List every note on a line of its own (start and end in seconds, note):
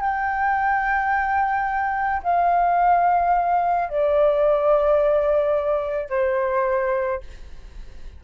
0.00 2.22 G5
2.23 3.89 F5
3.89 6.09 D5
6.09 7.20 C5